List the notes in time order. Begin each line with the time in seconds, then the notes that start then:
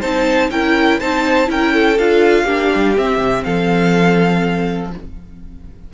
0.00 C4 D#4 C5 A5
0.51 C#4 E4 A#4 G5
1.00 C4 D#4 C5 A5
1.46 C#4 E4 A#4 G5
1.74 A4
1.99 D4 F4 F5
2.45 A#3 D4 G4
2.75 G3
2.97 C4 E5
3.19 C3
3.44 F3 A4 F5